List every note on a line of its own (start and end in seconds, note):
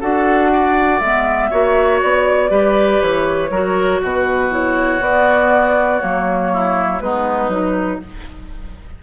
0.00 1.00 D4
0.00 1.01 F#4
0.00 0.50 A4
0.00 0.99 F#5
0.53 1.50 D5
0.99 1.50 G#3
0.99 1.51 B3
0.99 1.99 E5
1.50 2.02 A#3
1.50 2.49 F#4
1.50 2.50 C#5
2.02 2.50 B3
2.02 3.01 D5
2.49 3.00 G3
2.49 3.49 G4
2.49 3.50 B4
3.01 3.50 E3
3.01 4.01 C#5
3.50 4.00 F#3
3.50 4.50 F#4
3.50 4.01 A#4
4.01 5.00 B2
4.01 6.51 F#4
4.01 4.53 B4
4.50 5.00 E4
4.50 5.03 C#5
5.00 6.00 B3
5.00 6.00 D5
6.00 7.00 F#3
6.00 7.00 A#3
6.00 7.00 C#5
6.52 7.02 E4
7.00 7.47 G#3
7.00 7.51 B3
7.00 8.02 D#4
7.00 8.00 B4
7.47 7.97 F#3
7.47 8.01 D#4